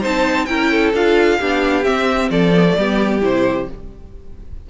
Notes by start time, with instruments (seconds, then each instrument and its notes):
0.00 cello C4, viola D#4, violin C5 A5
0.45 cello C#4, viola E4, violin A#4 G5
0.71 violin A4
0.93 cello D4, viola F4, violin F5
1.39 cello B3, viola D4, violin G4
1.83 viola C4, cello C4, violin E5
2.30 cello F3, violin A4 D5
2.55 viola B3
2.67 viola A3
2.77 cello G3, viola B3, violin G4
3.21 cello C3, viola E4, violin C5